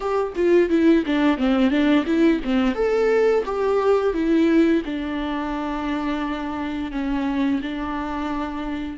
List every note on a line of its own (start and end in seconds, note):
0.00 0.33 G4
0.35 0.69 F4
0.69 1.04 E4
1.06 1.37 D4
1.37 1.70 C4
1.70 2.04 D4
2.05 2.40 E4
2.44 2.74 C4
2.74 3.43 A4
3.45 4.13 G4
4.13 4.82 E4
4.85 6.91 D4
6.91 7.60 C#4
7.61 8.97 D4